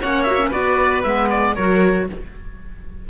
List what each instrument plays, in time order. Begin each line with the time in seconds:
0.00 cello A#3, clarinet C#4, violin C#5, oboe F#5
0.23 clarinet F#4, oboe E5
0.38 clarinet C#4
0.48 cello B3, clarinet F#4, violin B4, oboe D5
1.02 cello G#3, clarinet B3, oboe E5
1.29 oboe D5
1.54 cello F#3, clarinet F#4, violin A#4, oboe C#5